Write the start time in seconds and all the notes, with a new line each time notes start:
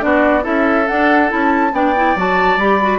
0.00 B3 D4 F#4 D5
0.42 C#4 E4 A4 E5
0.87 D4 F#5
1.28 C#4 E4 A5
1.72 B3 D4 D5 G5
1.95 E4
2.16 F#3 F#4 A5
2.57 G3 G4 B5
2.81 F#4